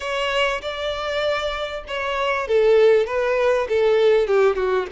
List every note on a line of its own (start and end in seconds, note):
0.00 0.61 C#5
0.61 1.84 D5
1.87 2.47 C#5
2.47 3.06 A4
3.06 3.67 B4
3.68 4.27 A4
4.27 4.55 G4
4.55 4.86 F#4